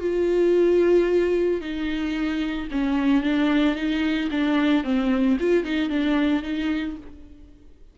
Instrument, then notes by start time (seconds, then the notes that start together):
viola
0.00 F4
1.61 D#4
2.71 C#4
3.23 D4
3.75 D#4
4.31 D4
4.84 C4
5.40 F4
5.64 D#4
5.89 D4
6.42 D#4